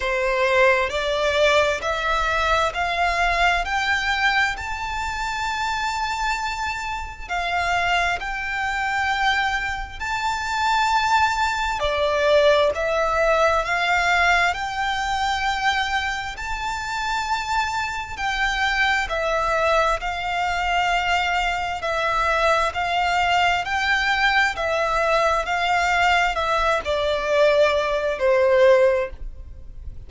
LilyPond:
\new Staff \with { instrumentName = "violin" } { \time 4/4 \tempo 4 = 66 c''4 d''4 e''4 f''4 | g''4 a''2. | f''4 g''2 a''4~ | a''4 d''4 e''4 f''4 |
g''2 a''2 | g''4 e''4 f''2 | e''4 f''4 g''4 e''4 | f''4 e''8 d''4. c''4 | }